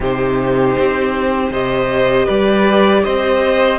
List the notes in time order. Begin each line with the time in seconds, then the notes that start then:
0.00 C3 D#4 G4 C5
0.78 C4
1.50 C3 G4 C5 D#5
2.25 G3 B4 D5
3.03 C4 C5 D#5